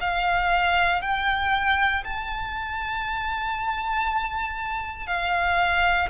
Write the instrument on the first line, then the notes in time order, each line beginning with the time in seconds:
violin
0.00 F5
1.02 G5
2.04 A5
5.07 F5